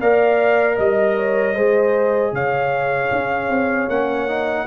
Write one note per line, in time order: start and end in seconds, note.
0.00 0.78 A#3
0.00 1.56 A#4
0.00 0.76 D5
0.00 0.78 F5
0.76 1.56 G3
0.76 1.15 D#5
0.76 2.34 D#5
1.16 1.54 C#5
1.54 2.32 G#3
1.54 3.89 G#4
1.54 2.32 C5
2.32 3.10 C#3
2.32 4.67 C#5
2.32 3.89 F5
3.12 3.49 C#4
3.49 3.88 C4
3.88 4.66 A#3
3.88 4.27 C#4
3.88 4.67 F#5
4.27 4.66 D#4